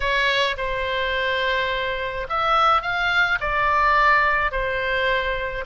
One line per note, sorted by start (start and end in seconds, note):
0.00 0.56 C#5
0.57 2.27 C5
2.29 2.81 E5
2.81 3.38 F5
3.40 4.51 D5
4.51 5.64 C5